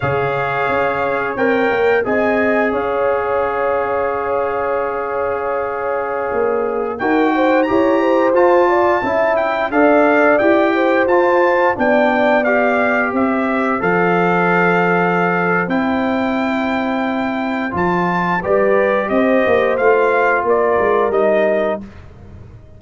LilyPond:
<<
  \new Staff \with { instrumentName = "trumpet" } { \time 4/4 \tempo 4 = 88 f''2 g''4 gis''4 | f''1~ | f''2~ f''16 g''4 ais''8.~ | ais''16 a''4. g''8 f''4 g''8.~ |
g''16 a''4 g''4 f''4 e''8.~ | e''16 f''2~ f''8. g''4~ | g''2 a''4 d''4 | dis''4 f''4 d''4 dis''4 | }
  \new Staff \with { instrumentName = "horn" } { \time 4/4 cis''2. dis''4 | cis''1~ | cis''2~ cis''16 ais'8 c''8 cis''8 c''16~ | c''8. d''8 e''4 d''4. c''16~ |
c''4~ c''16 d''2 c''8.~ | c''1~ | c''2. b'4 | c''2 ais'2 | }
  \new Staff \with { instrumentName = "trombone" } { \time 4/4 gis'2 ais'4 gis'4~ | gis'1~ | gis'2~ gis'16 fis'4 g'8.~ | g'16 f'4 e'4 a'4 g'8.~ |
g'16 f'4 d'4 g'4.~ g'16~ | g'16 a'2~ a'8. e'4~ | e'2 f'4 g'4~ | g'4 f'2 dis'4 | }
  \new Staff \with { instrumentName = "tuba" } { \time 4/4 cis4 cis'4 c'8 ais8 c'4 | cis'1~ | cis'4~ cis'16 ais4 dis'4 e'8.~ | e'16 f'4 cis'4 d'4 e'8.~ |
e'16 f'4 b2 c'8.~ | c'16 f2~ f8. c'4~ | c'2 f4 g4 | c'8 ais8 a4 ais8 gis8 g4 | }
>>